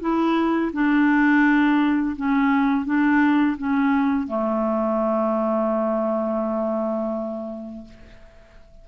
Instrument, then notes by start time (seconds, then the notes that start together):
clarinet
0.00 E4
0.73 D4
2.16 C#4
2.85 D4
3.57 C#4
4.27 A3